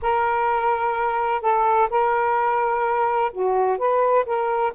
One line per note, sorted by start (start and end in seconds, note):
0.02 1.41 A#4
1.41 1.88 A4
1.89 3.31 A#4
3.32 3.78 F#4
3.78 4.25 B4
4.25 4.72 A#4